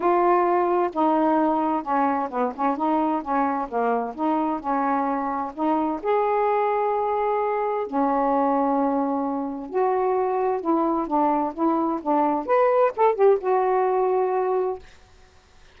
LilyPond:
\new Staff \with { instrumentName = "saxophone" } { \time 4/4 \tempo 4 = 130 f'2 dis'2 | cis'4 b8 cis'8 dis'4 cis'4 | ais4 dis'4 cis'2 | dis'4 gis'2.~ |
gis'4 cis'2.~ | cis'4 fis'2 e'4 | d'4 e'4 d'4 b'4 | a'8 g'8 fis'2. | }